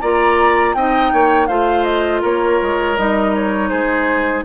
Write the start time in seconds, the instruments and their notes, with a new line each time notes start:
0.00 bassoon A#3, clarinet F4, oboe D5, flute A#5
0.74 bassoon C4, clarinet D#4, oboe D#5, flute G5
1.12 bassoon A#3, oboe C#5
1.47 bassoon A3, clarinet F4, oboe C5, flute F5
1.84 flute D#5
2.21 bassoon A#3, oboe A#4, flute C#5
2.62 bassoon G#3
2.97 bassoon G3, clarinet D#4, flute D#5
3.35 flute C#5
3.69 bassoon G#3, oboe G#4, flute C5